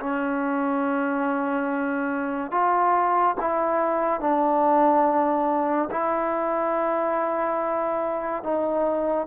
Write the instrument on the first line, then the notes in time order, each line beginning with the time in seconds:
trombone
0.00 C#4
2.51 F4
3.40 E4
4.20 D4
5.91 E4
8.43 D#4